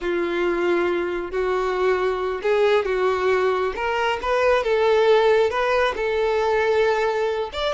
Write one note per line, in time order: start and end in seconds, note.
0.01 1.31 F4
1.31 2.41 F#4
2.42 2.85 G#4
2.85 3.73 F#4
3.75 4.19 A#4
4.22 4.63 B4
4.63 5.50 A4
5.50 5.94 B4
5.96 7.50 A4
7.52 7.74 D5